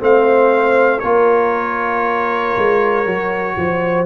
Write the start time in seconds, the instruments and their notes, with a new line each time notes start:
0.00 tuba A3, trombone C4, horn C5, trumpet F5
1.00 tuba A#3, trombone F4, horn A#4, trumpet C#5
2.58 tuba G#3
3.06 tuba F#3, trombone F#4
3.57 tuba F3, horn C5